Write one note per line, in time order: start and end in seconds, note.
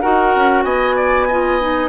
0.00 0.36 D#4
0.00 1.28 F#4
0.00 0.64 A#4
0.00 0.63 F#5
0.36 0.64 C#4
0.63 1.89 B3
0.63 0.96 D#5
0.63 1.89 G#5
0.96 1.27 D5
1.27 1.60 F4
1.27 1.89 D#5
1.60 1.89 D#4